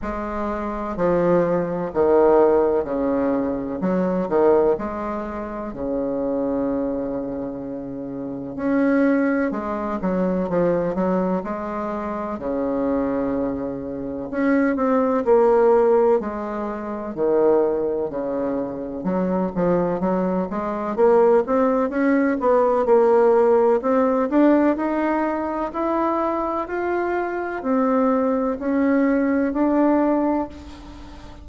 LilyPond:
\new Staff \with { instrumentName = "bassoon" } { \time 4/4 \tempo 4 = 63 gis4 f4 dis4 cis4 | fis8 dis8 gis4 cis2~ | cis4 cis'4 gis8 fis8 f8 fis8 | gis4 cis2 cis'8 c'8 |
ais4 gis4 dis4 cis4 | fis8 f8 fis8 gis8 ais8 c'8 cis'8 b8 | ais4 c'8 d'8 dis'4 e'4 | f'4 c'4 cis'4 d'4 | }